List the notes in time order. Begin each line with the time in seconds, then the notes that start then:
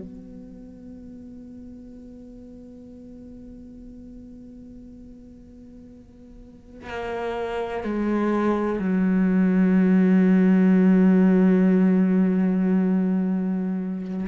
0.00 B3
6.90 A#3
7.84 G#3
8.79 F#3